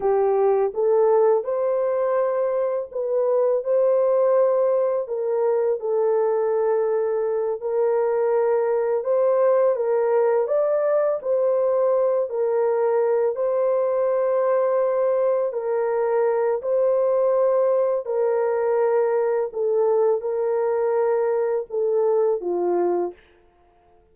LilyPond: \new Staff \with { instrumentName = "horn" } { \time 4/4 \tempo 4 = 83 g'4 a'4 c''2 | b'4 c''2 ais'4 | a'2~ a'8 ais'4.~ | ais'8 c''4 ais'4 d''4 c''8~ |
c''4 ais'4. c''4.~ | c''4. ais'4. c''4~ | c''4 ais'2 a'4 | ais'2 a'4 f'4 | }